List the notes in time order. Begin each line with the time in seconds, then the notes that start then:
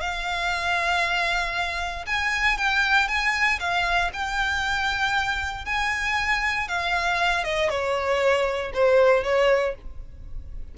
0.00 F5
2.06 G#5
2.57 G5
3.08 G#5
3.60 F5
4.13 G5
5.65 G#5
6.68 F5
7.44 D#5
7.69 C#5
8.73 C5
9.23 C#5